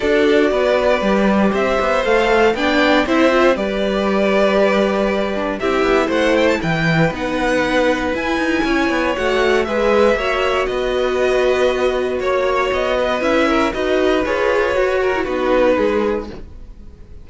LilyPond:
<<
  \new Staff \with { instrumentName = "violin" } { \time 4/4 \tempo 4 = 118 d''2. e''4 | f''4 g''4 e''4 d''4~ | d''2. e''4 | fis''8 g''16 a''16 g''4 fis''2 |
gis''2 fis''4 e''4~ | e''4 dis''2. | cis''4 dis''4 e''4 dis''4 | cis''2 b'2 | }
  \new Staff \with { instrumentName = "violin" } { \time 4/4 a'4 b'2 c''4~ | c''4 d''4 c''4 b'4~ | b'2. g'4 | c''4 b'2.~ |
b'4 cis''2 b'4 | cis''4 b'2. | cis''4. b'4 ais'8 b'4~ | b'4. ais'8 fis'4 gis'4 | }
  \new Staff \with { instrumentName = "viola" } { \time 4/4 fis'2 g'2 | a'4 d'4 e'8 f'8 g'4~ | g'2~ g'8 d'8 e'4~ | e'2 dis'2 |
e'2 fis'4 gis'4 | fis'1~ | fis'2 e'4 fis'4 | gis'4 fis'8. e'16 dis'2 | }
  \new Staff \with { instrumentName = "cello" } { \time 4/4 d'4 b4 g4 c'8 b8 | a4 b4 c'4 g4~ | g2. c'8 b8 | a4 e4 b2 |
e'8 dis'8 cis'8 b8 a4 gis4 | ais4 b2. | ais4 b4 cis'4 dis'4 | f'4 fis'4 b4 gis4 | }
>>